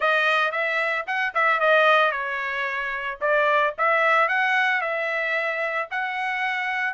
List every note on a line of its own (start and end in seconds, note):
0.00 0.51 D#5
0.51 1.05 E5
1.06 1.33 F#5
1.34 1.60 E5
1.60 2.11 D#5
2.11 3.19 C#5
3.20 3.74 D5
3.77 4.28 E5
4.28 4.81 F#5
4.81 5.88 E5
5.91 6.94 F#5